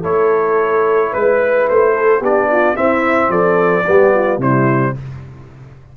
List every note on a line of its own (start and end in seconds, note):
0.00 1.12 A3
0.00 2.21 E4
0.00 1.09 A4
0.00 1.13 C#5
1.11 1.69 G#3
1.11 1.93 B4
1.11 1.68 B4
1.68 2.20 A3
1.68 2.23 C5
1.94 2.20 A4
2.20 2.75 B3
2.20 2.75 D4
2.20 2.48 G4
2.20 2.76 D5
2.51 2.76 F4
2.75 3.84 C4
2.75 3.28 C4
2.75 3.30 E4
2.75 3.30 E5
3.28 3.83 F3
3.28 3.85 A4
3.28 4.40 D5
3.86 4.37 G3
3.86 4.40 B3
3.86 4.14 G4
4.14 4.39 F4
4.37 4.92 C3
4.37 4.94 G3
4.37 4.94 E4
4.37 4.96 C5